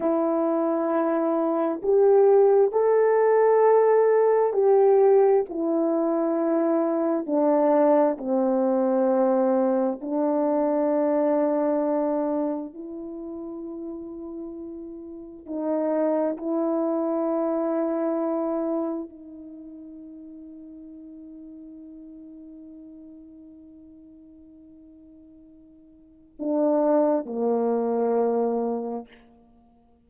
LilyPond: \new Staff \with { instrumentName = "horn" } { \time 4/4 \tempo 4 = 66 e'2 g'4 a'4~ | a'4 g'4 e'2 | d'4 c'2 d'4~ | d'2 e'2~ |
e'4 dis'4 e'2~ | e'4 dis'2.~ | dis'1~ | dis'4 d'4 ais2 | }